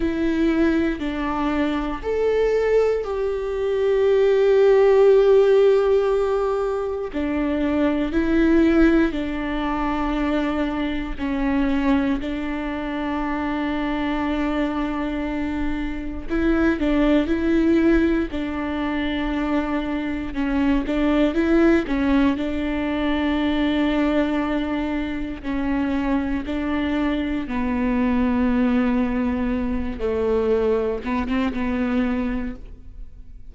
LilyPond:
\new Staff \with { instrumentName = "viola" } { \time 4/4 \tempo 4 = 59 e'4 d'4 a'4 g'4~ | g'2. d'4 | e'4 d'2 cis'4 | d'1 |
e'8 d'8 e'4 d'2 | cis'8 d'8 e'8 cis'8 d'2~ | d'4 cis'4 d'4 b4~ | b4. a4 b16 c'16 b4 | }